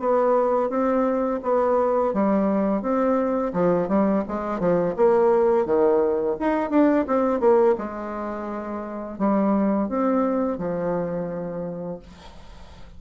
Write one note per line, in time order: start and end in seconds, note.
0.00 0.70 B3
0.70 1.41 C4
1.43 2.14 B3
2.14 2.82 G3
2.82 3.53 C4
3.54 3.89 F3
3.89 4.24 G3
4.28 4.60 G#3
4.60 4.95 F3
4.97 5.66 A#3
5.66 6.37 D#3
6.40 6.71 D#4
6.71 7.06 D4
7.07 7.41 C4
7.41 7.76 A#3
7.78 9.19 G#3
9.19 9.89 G3
9.89 10.59 C4
10.59 12.00 F3